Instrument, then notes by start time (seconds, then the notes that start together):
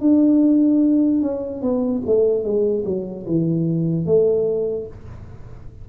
tuba
0.00 D4
1.21 C#4
1.61 B3
2.06 A3
2.44 G#3
2.85 F#3
3.26 E3
4.06 A3